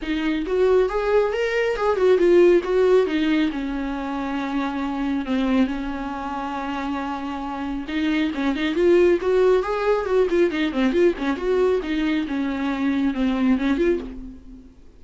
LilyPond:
\new Staff \with { instrumentName = "viola" } { \time 4/4 \tempo 4 = 137 dis'4 fis'4 gis'4 ais'4 | gis'8 fis'8 f'4 fis'4 dis'4 | cis'1 | c'4 cis'2.~ |
cis'2 dis'4 cis'8 dis'8 | f'4 fis'4 gis'4 fis'8 f'8 | dis'8 c'8 f'8 cis'8 fis'4 dis'4 | cis'2 c'4 cis'8 f'8 | }